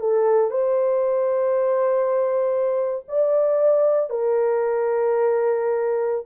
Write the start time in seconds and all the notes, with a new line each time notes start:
0.00 A4
0.51 C5
3.08 D5
4.10 A#4